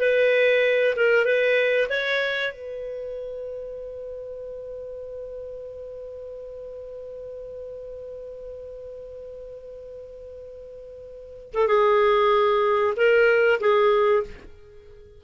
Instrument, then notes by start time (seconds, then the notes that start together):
clarinet
0.00 B4
0.97 A#4
1.25 B4
1.89 C#5
2.53 B4
11.53 A4
11.68 G#4
12.97 A#4
13.60 G#4